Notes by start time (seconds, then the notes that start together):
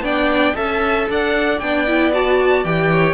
0.00 B3 D4 D5 G5
0.55 C#4 A4 E5 A5
1.09 D4 D5 F#5
1.59 B3 D4 G5
1.87 E4
2.13 F#4 A5
2.64 E3 G4 G5
2.91 C#5